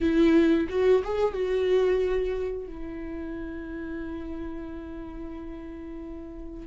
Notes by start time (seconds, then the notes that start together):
0.01 E4
0.69 F#4
1.04 G#4
1.33 F#4
2.67 E4